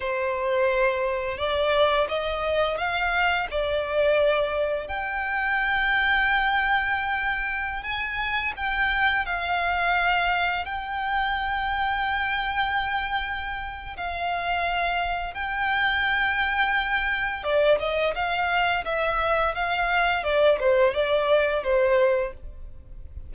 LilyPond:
\new Staff \with { instrumentName = "violin" } { \time 4/4 \tempo 4 = 86 c''2 d''4 dis''4 | f''4 d''2 g''4~ | g''2.~ g''16 gis''8.~ | gis''16 g''4 f''2 g''8.~ |
g''1 | f''2 g''2~ | g''4 d''8 dis''8 f''4 e''4 | f''4 d''8 c''8 d''4 c''4 | }